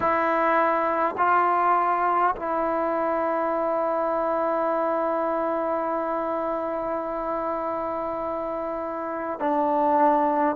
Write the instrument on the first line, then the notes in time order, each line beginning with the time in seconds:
trombone
0.00 E4
1.17 F4
2.36 E4
9.39 D4